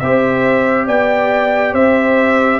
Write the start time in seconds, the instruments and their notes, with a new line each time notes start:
0.00 tuba C4, trombone G4, horn C5, trumpet E5
0.86 tuba B3, horn D5, trumpet G5
1.73 tuba C4, horn C5, trumpet E5